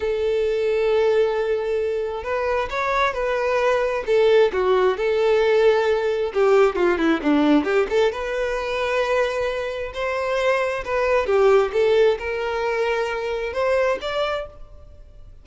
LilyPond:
\new Staff \with { instrumentName = "violin" } { \time 4/4 \tempo 4 = 133 a'1~ | a'4 b'4 cis''4 b'4~ | b'4 a'4 fis'4 a'4~ | a'2 g'4 f'8 e'8 |
d'4 g'8 a'8 b'2~ | b'2 c''2 | b'4 g'4 a'4 ais'4~ | ais'2 c''4 d''4 | }